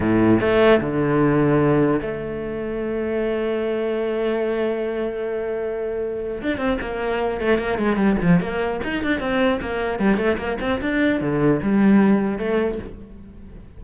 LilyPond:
\new Staff \with { instrumentName = "cello" } { \time 4/4 \tempo 4 = 150 a,4 a4 d2~ | d4 a2.~ | a1~ | a1 |
d'8 c'8 ais4. a8 ais8 gis8 | g8 f8 ais4 dis'8 d'8 c'4 | ais4 g8 a8 ais8 c'8 d'4 | d4 g2 a4 | }